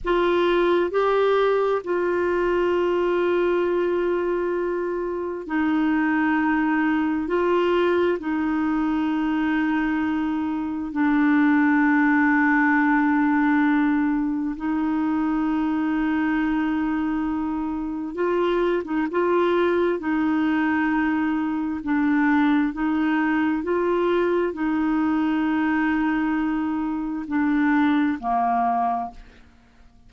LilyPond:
\new Staff \with { instrumentName = "clarinet" } { \time 4/4 \tempo 4 = 66 f'4 g'4 f'2~ | f'2 dis'2 | f'4 dis'2. | d'1 |
dis'1 | f'8. dis'16 f'4 dis'2 | d'4 dis'4 f'4 dis'4~ | dis'2 d'4 ais4 | }